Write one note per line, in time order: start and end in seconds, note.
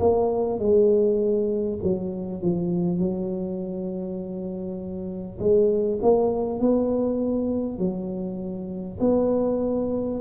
0.00 0.59 A#3
0.59 1.79 G#3
1.83 2.42 F#3
2.42 2.99 F3
2.99 5.39 F#3
5.39 5.99 G#3
6.02 6.59 A#3
6.59 7.78 B3
7.78 8.98 F#3
9.01 10.21 B3